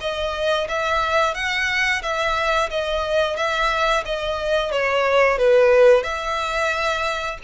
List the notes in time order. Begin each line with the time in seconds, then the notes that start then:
0.00 D#5
0.68 E5
1.34 F#5
2.02 E5
2.70 D#5
3.36 E5
4.05 D#5
4.71 C#5
5.38 B4
6.03 E5